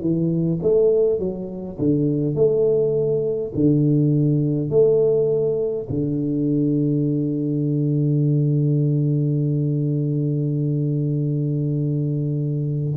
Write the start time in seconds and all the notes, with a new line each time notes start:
0.00 E3
0.61 A3
1.19 F#3
1.78 D3
2.34 A3
3.55 D3
4.70 A3
5.89 D3